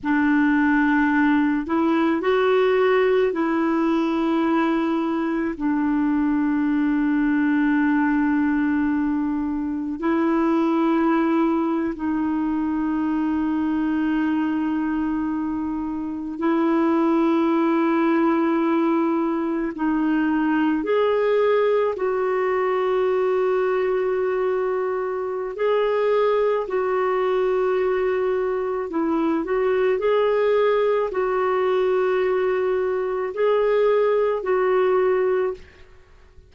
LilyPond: \new Staff \with { instrumentName = "clarinet" } { \time 4/4 \tempo 4 = 54 d'4. e'8 fis'4 e'4~ | e'4 d'2.~ | d'4 e'4.~ e'16 dis'4~ dis'16~ | dis'2~ dis'8. e'4~ e'16~ |
e'4.~ e'16 dis'4 gis'4 fis'16~ | fis'2. gis'4 | fis'2 e'8 fis'8 gis'4 | fis'2 gis'4 fis'4 | }